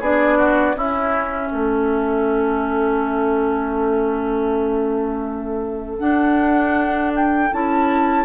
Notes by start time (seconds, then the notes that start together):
0.00 B3 D4 G#4 D5
0.38 F#4
0.75 C#4 E4 E5
1.52 A3 A4
5.99 D4 F#5
7.16 G5
7.52 C#4 E4 A5